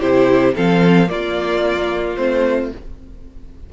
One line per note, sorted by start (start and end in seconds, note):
0.00 0.57 C3
0.00 0.54 E4
0.00 0.54 G4
0.00 0.55 C5
0.55 1.09 F3
0.55 1.07 C4
0.55 1.09 A4
0.55 1.10 F5
1.07 2.15 A#3
1.07 2.17 A#3
1.07 2.73 F4
1.07 2.16 D5
2.16 2.72 A3
2.16 2.71 C4
2.16 2.70 C5